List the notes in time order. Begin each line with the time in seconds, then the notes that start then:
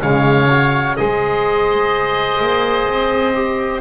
0.00 C#3 G#3 C#5 F5
0.50 F#4
0.96 G#3 G#4 C5 D#5
2.41 A#3
2.88 C4
3.33 G4